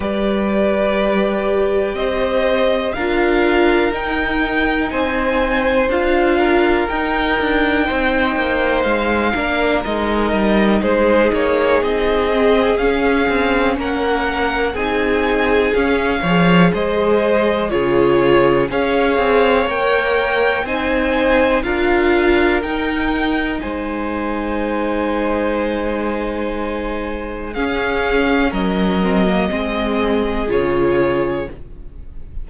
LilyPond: <<
  \new Staff \with { instrumentName = "violin" } { \time 4/4 \tempo 4 = 61 d''2 dis''4 f''4 | g''4 gis''4 f''4 g''4~ | g''4 f''4 dis''4 c''8 cis''8 | dis''4 f''4 fis''4 gis''4 |
f''4 dis''4 cis''4 f''4 | g''4 gis''4 f''4 g''4 | gis''1 | f''4 dis''2 cis''4 | }
  \new Staff \with { instrumentName = "violin" } { \time 4/4 b'2 c''4 ais'4~ | ais'4 c''4. ais'4. | c''4. ais'4. gis'4~ | gis'2 ais'4 gis'4~ |
gis'8 cis''8 c''4 gis'4 cis''4~ | cis''4 c''4 ais'2 | c''1 | gis'4 ais'4 gis'2 | }
  \new Staff \with { instrumentName = "viola" } { \time 4/4 g'2. f'4 | dis'2 f'4 dis'4~ | dis'4. d'8 dis'2~ | dis'8 c'8 cis'2 dis'4 |
cis'8 gis'4. f'4 gis'4 | ais'4 dis'4 f'4 dis'4~ | dis'1 | cis'4. c'16 ais16 c'4 f'4 | }
  \new Staff \with { instrumentName = "cello" } { \time 4/4 g2 c'4 d'4 | dis'4 c'4 d'4 dis'8 d'8 | c'8 ais8 gis8 ais8 gis8 g8 gis8 ais8 | c'4 cis'8 c'8 ais4 c'4 |
cis'8 f8 gis4 cis4 cis'8 c'8 | ais4 c'4 d'4 dis'4 | gis1 | cis'4 fis4 gis4 cis4 | }
>>